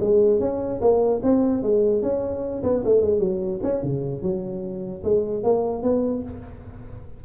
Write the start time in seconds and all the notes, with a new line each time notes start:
0.00 G#3
0.40 C#4
0.81 A#3
1.23 C4
1.62 G#3
2.02 C#4
2.63 B3
2.85 A3
3.01 G#3
3.19 F#3
3.63 C#4
3.83 C#3
4.22 F#3
5.03 G#3
5.43 A#3
5.82 B3